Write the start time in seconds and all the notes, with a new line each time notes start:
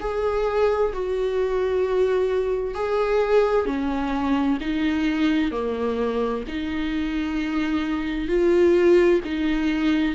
0.00 G#4
0.93 F#4
2.74 G#4
3.66 C#4
4.61 D#4
5.51 A#3
6.48 D#4
8.28 F4
9.24 D#4